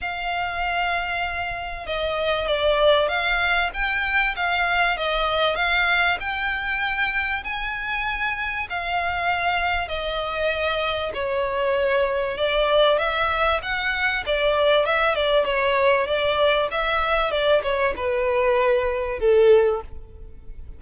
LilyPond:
\new Staff \with { instrumentName = "violin" } { \time 4/4 \tempo 4 = 97 f''2. dis''4 | d''4 f''4 g''4 f''4 | dis''4 f''4 g''2 | gis''2 f''2 |
dis''2 cis''2 | d''4 e''4 fis''4 d''4 | e''8 d''8 cis''4 d''4 e''4 | d''8 cis''8 b'2 a'4 | }